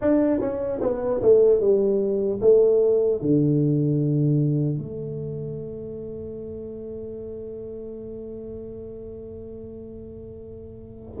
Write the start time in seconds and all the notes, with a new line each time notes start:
0.01 D4
0.40 C#4
0.81 B3
1.21 A3
1.60 G3
2.41 A3
3.21 D3
4.78 A3